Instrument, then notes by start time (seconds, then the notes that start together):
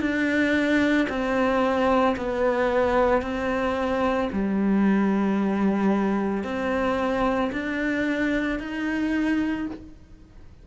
cello
0.00 D4
1.09 C4
2.16 B3
3.22 C4
4.32 G3
6.44 C4
7.52 D4
8.59 D#4